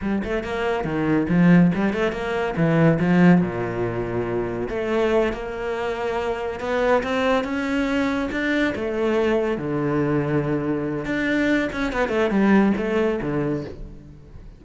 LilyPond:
\new Staff \with { instrumentName = "cello" } { \time 4/4 \tempo 4 = 141 g8 a8 ais4 dis4 f4 | g8 a8 ais4 e4 f4 | ais,2. a4~ | a8 ais2. b8~ |
b8 c'4 cis'2 d'8~ | d'8 a2 d4.~ | d2 d'4. cis'8 | b8 a8 g4 a4 d4 | }